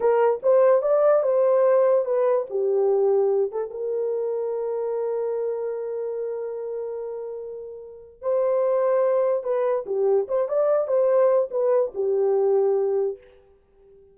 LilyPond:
\new Staff \with { instrumentName = "horn" } { \time 4/4 \tempo 4 = 146 ais'4 c''4 d''4 c''4~ | c''4 b'4 g'2~ | g'8 a'8 ais'2.~ | ais'1~ |
ais'1 | c''2. b'4 | g'4 c''8 d''4 c''4. | b'4 g'2. | }